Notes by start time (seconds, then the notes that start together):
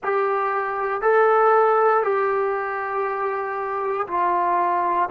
0.03 G4
1.01 A4
2.03 G4
4.07 F4